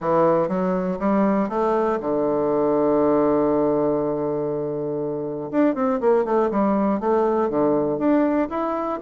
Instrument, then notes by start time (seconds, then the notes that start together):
bassoon
0.00 E3
0.48 F#3
0.99 G3
1.49 A3
2.00 D3
5.51 D4
5.75 C4
6.00 A#3
6.25 A3
6.50 G3
7.00 A3
7.49 D3
7.98 D4
8.49 E4